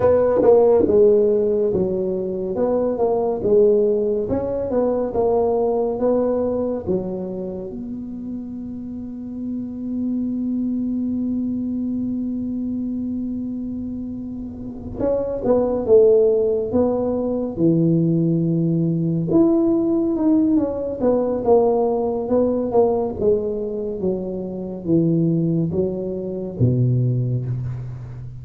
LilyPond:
\new Staff \with { instrumentName = "tuba" } { \time 4/4 \tempo 4 = 70 b8 ais8 gis4 fis4 b8 ais8 | gis4 cis'8 b8 ais4 b4 | fis4 b2.~ | b1~ |
b4. cis'8 b8 a4 b8~ | b8 e2 e'4 dis'8 | cis'8 b8 ais4 b8 ais8 gis4 | fis4 e4 fis4 b,4 | }